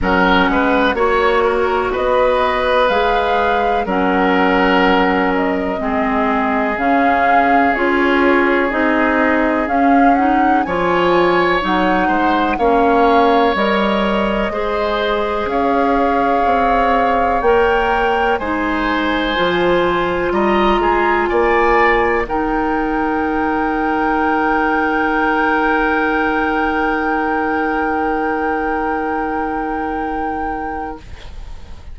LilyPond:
<<
  \new Staff \with { instrumentName = "flute" } { \time 4/4 \tempo 4 = 62 fis''4 cis''4 dis''4 f''4 | fis''4. dis''4. f''4 | cis''4 dis''4 f''8 fis''8 gis''4 | fis''4 f''4 dis''2 |
f''2 g''4 gis''4~ | gis''4 ais''4 gis''4 g''4~ | g''1~ | g''1 | }
  \new Staff \with { instrumentName = "oboe" } { \time 4/4 ais'8 b'8 cis''8 ais'8 b'2 | ais'2 gis'2~ | gis'2. cis''4~ | cis''8 c''8 cis''2 c''4 |
cis''2. c''4~ | c''4 dis''8 gis'8 d''4 ais'4~ | ais'1~ | ais'1 | }
  \new Staff \with { instrumentName = "clarinet" } { \time 4/4 cis'4 fis'2 gis'4 | cis'2 c'4 cis'4 | f'4 dis'4 cis'8 dis'8 f'4 | dis'4 cis'4 ais'4 gis'4~ |
gis'2 ais'4 dis'4 | f'2. dis'4~ | dis'1~ | dis'1 | }
  \new Staff \with { instrumentName = "bassoon" } { \time 4/4 fis8 gis8 ais4 b4 gis4 | fis2 gis4 cis4 | cis'4 c'4 cis'4 f4 | fis8 gis8 ais4 g4 gis4 |
cis'4 c'4 ais4 gis4 | f4 g8 gis8 ais4 dis4~ | dis1~ | dis1 | }
>>